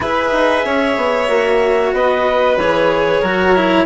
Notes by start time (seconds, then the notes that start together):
0.00 E4 G#4 B4 E5
0.32 D#4
0.65 C#4 C#5
0.96 B3
1.27 A#3 F#4
1.92 B3 B4 D#5
2.56 E3 G#4 C#5
3.20 F#3 F#4 A#4
3.55 E4